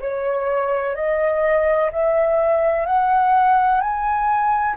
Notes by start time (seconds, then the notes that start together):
0.00 C#5
0.95 D#5
1.92 E5
2.86 F#5
3.80 G#5